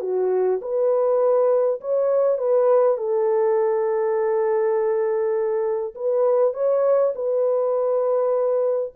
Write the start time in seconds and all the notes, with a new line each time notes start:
0.00 F#4
0.61 B4
1.80 C#5
2.38 B4
2.97 A4
5.95 B4
6.53 C#5
7.15 B4